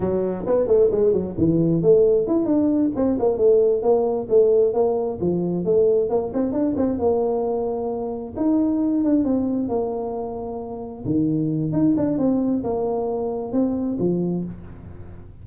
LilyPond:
\new Staff \with { instrumentName = "tuba" } { \time 4/4 \tempo 4 = 133 fis4 b8 a8 gis8 fis8 e4 | a4 e'8 d'4 c'8 ais8 a8~ | a8 ais4 a4 ais4 f8~ | f8 a4 ais8 c'8 d'8 c'8 ais8~ |
ais2~ ais8 dis'4. | d'8 c'4 ais2~ ais8~ | ais8 dis4. dis'8 d'8 c'4 | ais2 c'4 f4 | }